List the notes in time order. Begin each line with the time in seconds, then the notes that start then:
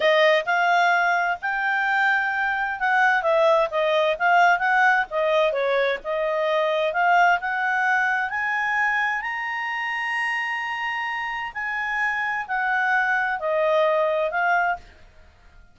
0.00 D#5
0.45 F5
1.41 G5
2.79 F#5
3.22 E5
3.70 D#5
4.18 F5
4.58 F#5
5.10 D#5
5.52 C#5
6.04 D#5
6.93 F5
7.40 F#5
8.30 G#5
9.21 A#5
11.54 G#5
12.47 F#5
13.39 D#5
14.30 F5